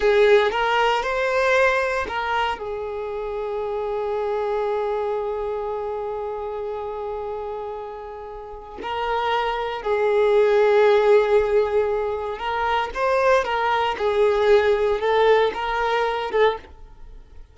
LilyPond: \new Staff \with { instrumentName = "violin" } { \time 4/4 \tempo 4 = 116 gis'4 ais'4 c''2 | ais'4 gis'2.~ | gis'1~ | gis'1~ |
gis'4 ais'2 gis'4~ | gis'1 | ais'4 c''4 ais'4 gis'4~ | gis'4 a'4 ais'4. a'8 | }